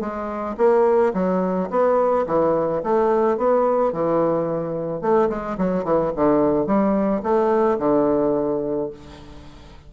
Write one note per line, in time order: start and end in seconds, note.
0.00 0.56 G#3
0.57 1.13 A#3
1.14 1.69 F#3
1.70 2.26 B3
2.26 2.82 E3
2.83 3.37 A3
3.37 3.92 B3
3.92 5.01 E3
5.01 5.29 A3
5.29 5.57 G#3
5.58 5.84 F#3
5.84 6.12 E3
6.16 6.66 D3
6.66 7.22 G3
7.23 7.78 A3
7.79 8.90 D3